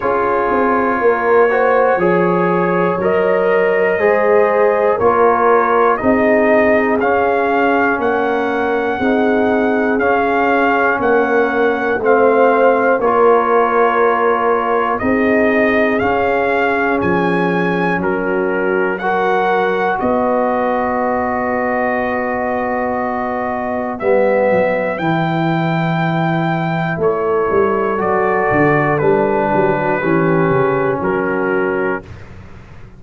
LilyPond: <<
  \new Staff \with { instrumentName = "trumpet" } { \time 4/4 \tempo 4 = 60 cis''2. dis''4~ | dis''4 cis''4 dis''4 f''4 | fis''2 f''4 fis''4 | f''4 cis''2 dis''4 |
f''4 gis''4 ais'4 fis''4 | dis''1 | e''4 g''2 cis''4 | d''4 b'2 ais'4 | }
  \new Staff \with { instrumentName = "horn" } { \time 4/4 gis'4 ais'8 c''8 cis''2 | c''4 ais'4 gis'2 | ais'4 gis'2 ais'4 | c''4 ais'2 gis'4~ |
gis'2 fis'4 ais'4 | b'1~ | b'2. a'4~ | a'4. g'16 fis'16 g'4 fis'4 | }
  \new Staff \with { instrumentName = "trombone" } { \time 4/4 f'4. fis'8 gis'4 ais'4 | gis'4 f'4 dis'4 cis'4~ | cis'4 dis'4 cis'2 | c'4 f'2 dis'4 |
cis'2. fis'4~ | fis'1 | b4 e'2. | fis'4 d'4 cis'2 | }
  \new Staff \with { instrumentName = "tuba" } { \time 4/4 cis'8 c'8 ais4 f4 fis4 | gis4 ais4 c'4 cis'4 | ais4 c'4 cis'4 ais4 | a4 ais2 c'4 |
cis'4 f4 fis2 | b1 | g8 fis8 e2 a8 g8 | fis8 d8 g8 fis8 e8 cis8 fis4 | }
>>